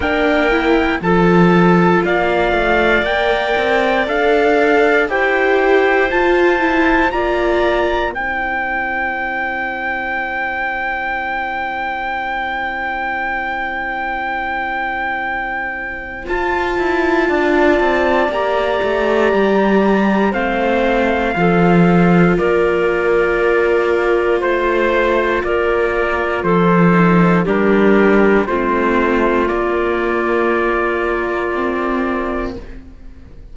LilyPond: <<
  \new Staff \with { instrumentName = "trumpet" } { \time 4/4 \tempo 4 = 59 g''4 a''4 f''4 g''4 | f''4 g''4 a''4 ais''4 | g''1~ | g''1 |
a''2 ais''2 | f''2 d''2 | c''4 d''4 c''4 ais'4 | c''4 d''2. | }
  \new Staff \with { instrumentName = "clarinet" } { \time 4/4 ais'4 a'4 d''2~ | d''4 c''2 d''4 | c''1~ | c''1~ |
c''4 d''2. | c''4 a'4 ais'2 | c''4 ais'4 a'4 g'4 | f'1 | }
  \new Staff \with { instrumentName = "viola" } { \time 4/4 d'8 e'8 f'2 ais'4 | a'4 g'4 f'8 e'8 f'4 | e'1~ | e'1 |
f'2 g'2 | c'4 f'2.~ | f'2~ f'8 dis'8 d'4 | c'4 ais2 c'4 | }
  \new Staff \with { instrumentName = "cello" } { \time 4/4 ais4 f4 ais8 a8 ais8 c'8 | d'4 e'4 f'4 ais4 | c'1~ | c'1 |
f'8 e'8 d'8 c'8 ais8 a8 g4 | a4 f4 ais2 | a4 ais4 f4 g4 | a4 ais2. | }
>>